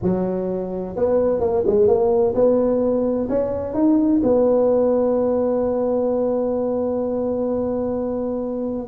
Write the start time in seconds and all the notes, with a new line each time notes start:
0.02 F#3
0.95 B3
1.40 A#3
1.66 G#3
1.87 A#3
2.34 B3
3.29 C#4
3.74 D#4
4.23 B3